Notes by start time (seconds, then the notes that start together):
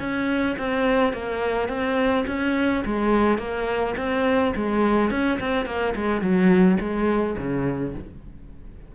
0.00 C#4
0.58 C4
1.13 A#3
1.69 C4
2.27 C#4
2.86 G#3
3.39 A#3
3.97 C4
4.56 G#3
5.11 C#4
5.40 C4
5.66 A#3
5.96 G#3
6.22 F#3
6.80 G#3
7.38 C#3